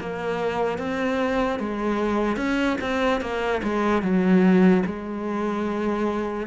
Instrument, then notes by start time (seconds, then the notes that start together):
cello
0.00 A#3
0.78 C4
1.59 G#3
2.36 C#4
2.81 C4
3.21 A#3
3.63 G#3
4.02 F#3
4.85 G#3